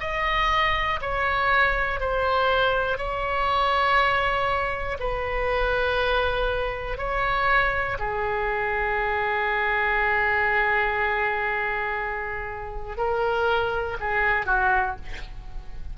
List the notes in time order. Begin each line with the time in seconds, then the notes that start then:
0.00 D#5
1.01 C#5
2.00 C5
2.98 C#5
5.00 B4
6.98 C#5
7.99 G#4
12.97 A#4
14.00 G#4
14.46 F#4